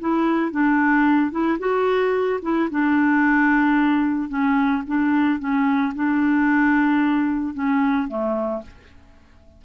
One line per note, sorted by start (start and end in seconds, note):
0.00 0.51 E4
0.51 1.31 D4
1.31 1.58 E4
1.59 2.40 F#4
2.42 2.69 E4
2.70 4.29 D4
4.29 4.83 C#4
4.87 5.39 D4
5.39 5.93 C#4
5.95 7.54 D4
7.54 8.08 C#4
8.08 8.62 A3